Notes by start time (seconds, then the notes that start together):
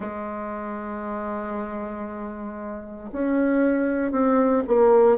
0.00 G#3
3.12 C#4
4.11 C4
4.67 A#3